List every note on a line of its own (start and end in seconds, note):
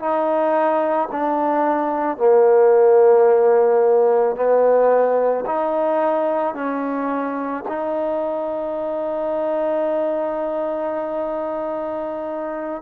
0.00 1.09 D#4
1.12 2.18 D4
2.18 4.36 A#3
4.36 5.45 B3
5.46 6.55 D#4
6.55 7.64 C#4
7.69 12.82 D#4